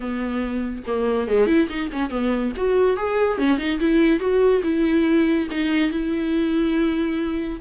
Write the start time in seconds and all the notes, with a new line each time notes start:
0.00 B3
0.86 A#3
1.27 G#3
1.46 E4
1.69 D#4
1.92 C#4
2.10 B3
2.56 F#4
2.97 G#4
3.37 C#4
3.58 D#4
3.80 E4
4.19 F#4
4.63 E4
5.50 D#4
5.90 E4